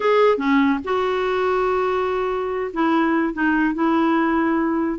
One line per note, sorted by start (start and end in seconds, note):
0.00 0.37 G#4
0.37 0.79 C#4
0.84 2.71 F#4
2.73 3.33 E4
3.33 3.74 D#4
3.74 4.99 E4